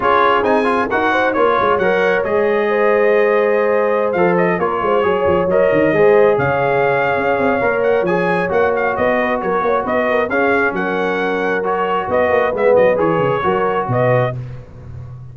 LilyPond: <<
  \new Staff \with { instrumentName = "trumpet" } { \time 4/4 \tempo 4 = 134 cis''4 gis''4 fis''4 cis''4 | fis''4 dis''2.~ | dis''4~ dis''16 f''8 dis''8 cis''4.~ cis''16~ | cis''16 dis''2 f''4.~ f''16~ |
f''4. fis''8 gis''4 fis''8 f''8 | dis''4 cis''4 dis''4 f''4 | fis''2 cis''4 dis''4 | e''8 dis''8 cis''2 dis''4 | }
  \new Staff \with { instrumentName = "horn" } { \time 4/4 gis'2 ais'8 c''8 cis''4~ | cis''2 c''2~ | c''2~ c''16 ais'8 c''8 cis''8.~ | cis''4~ cis''16 c''4 cis''4.~ cis''16~ |
cis''1~ | cis''8 b'8 ais'8 cis''8 b'8 ais'8 gis'4 | ais'2. b'4~ | b'2 ais'4 b'4 | }
  \new Staff \with { instrumentName = "trombone" } { \time 4/4 f'4 dis'8 f'8 fis'4 f'4 | ais'4 gis'2.~ | gis'4~ gis'16 a'4 f'4 gis'8.~ | gis'16 ais'4 gis'2~ gis'8.~ |
gis'4 ais'4 gis'4 fis'4~ | fis'2. cis'4~ | cis'2 fis'2 | b4 gis'4 fis'2 | }
  \new Staff \with { instrumentName = "tuba" } { \time 4/4 cis'4 c'4 dis'4 ais8 gis8 | fis4 gis2.~ | gis4~ gis16 f4 ais8 gis8 fis8 f16~ | f16 fis8 dis8 gis4 cis4.~ cis16 |
cis'8 c'8 ais4 f4 ais4 | b4 fis8 ais8 b4 cis'4 | fis2. b8 ais8 | gis8 fis8 e8 cis8 fis4 b,4 | }
>>